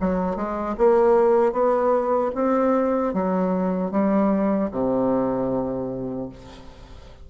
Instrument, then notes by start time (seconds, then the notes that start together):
bassoon
0.00 F#3
0.36 G#3
0.77 A#3
1.52 B3
2.35 C4
3.13 F#3
3.91 G3
4.71 C3